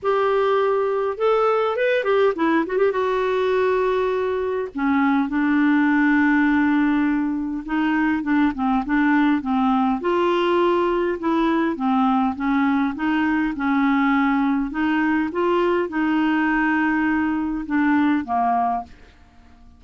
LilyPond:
\new Staff \with { instrumentName = "clarinet" } { \time 4/4 \tempo 4 = 102 g'2 a'4 b'8 g'8 | e'8 fis'16 g'16 fis'2. | cis'4 d'2.~ | d'4 dis'4 d'8 c'8 d'4 |
c'4 f'2 e'4 | c'4 cis'4 dis'4 cis'4~ | cis'4 dis'4 f'4 dis'4~ | dis'2 d'4 ais4 | }